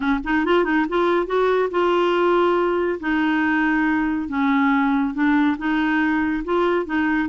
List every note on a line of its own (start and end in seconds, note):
0.00 0.19 C#4
0.24 0.45 D#4
0.45 0.64 F4
0.64 0.86 D#4
0.89 1.26 F4
1.26 1.69 F#4
1.70 2.99 F4
2.99 4.28 D#4
4.28 5.14 C#4
5.14 5.57 D4
5.57 6.43 D#4
6.44 6.85 F4
6.85 7.28 D#4